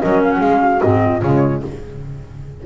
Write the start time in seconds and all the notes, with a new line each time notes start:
0.00 F#3 C#4 A#4 D#5
0.23 F5
0.31 F#5
0.38 G#3 G#4 F5
0.62 F#4
0.81 G#2 C4 D#5
1.05 F4
1.22 C#3 G#3 C#5